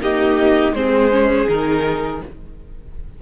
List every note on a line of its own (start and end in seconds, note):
0.00 0.73 A#3
0.00 0.72 D#4
0.00 0.75 G4
0.00 0.74 D#5
0.72 1.46 G#3
0.72 1.11 C4
0.72 2.22 G#4
0.72 1.47 C5
1.11 1.47 C#4
1.48 2.21 D#3
1.48 2.21 D#4
1.48 2.21 A#4